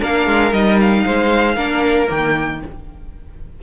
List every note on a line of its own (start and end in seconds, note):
0.00 0.27 A#3
0.00 0.52 D4
0.00 1.04 A#4
0.00 0.53 F5
0.27 0.53 G#3
0.53 1.04 G3
0.53 1.56 D#4
0.53 0.79 D#5
0.81 2.10 F5
1.05 1.57 G#3
1.05 1.56 C5
1.56 2.08 A#3
1.56 2.08 D4
1.56 2.59 A#4
2.08 2.62 D#3
2.08 2.59 A#3
2.08 2.62 G5